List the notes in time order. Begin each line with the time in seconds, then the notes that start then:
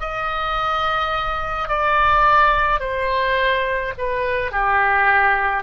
0.00 D#5
1.69 D5
2.80 C5
3.98 B4
4.52 G4